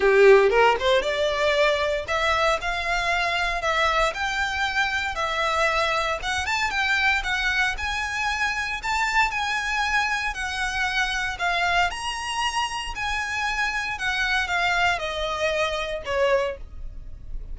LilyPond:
\new Staff \with { instrumentName = "violin" } { \time 4/4 \tempo 4 = 116 g'4 ais'8 c''8 d''2 | e''4 f''2 e''4 | g''2 e''2 | fis''8 a''8 g''4 fis''4 gis''4~ |
gis''4 a''4 gis''2 | fis''2 f''4 ais''4~ | ais''4 gis''2 fis''4 | f''4 dis''2 cis''4 | }